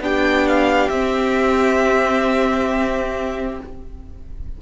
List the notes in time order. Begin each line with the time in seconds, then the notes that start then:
0.00 B3 D4 G4 G5
0.48 F5
0.90 C4 E5